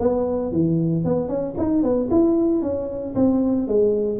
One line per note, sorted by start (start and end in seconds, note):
0.00 0.52 B3
0.52 1.04 E3
1.04 1.28 B3
1.28 1.55 C#4
1.58 1.83 D#4
1.83 2.09 B3
2.11 2.62 E4
2.62 3.15 C#4
3.15 3.68 C4
3.68 4.20 G#3